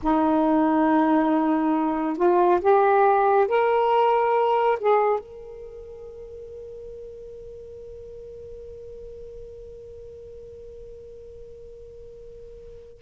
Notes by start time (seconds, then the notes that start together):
0.02 D#4
2.16 F4
2.60 G4
3.48 A#4
4.79 G#4
5.19 A#4